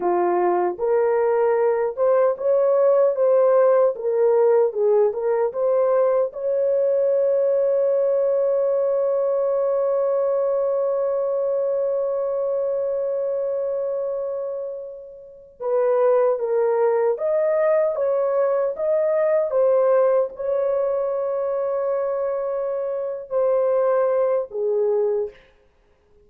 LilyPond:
\new Staff \with { instrumentName = "horn" } { \time 4/4 \tempo 4 = 76 f'4 ais'4. c''8 cis''4 | c''4 ais'4 gis'8 ais'8 c''4 | cis''1~ | cis''1~ |
cis''2.~ cis''8. b'16~ | b'8. ais'4 dis''4 cis''4 dis''16~ | dis''8. c''4 cis''2~ cis''16~ | cis''4. c''4. gis'4 | }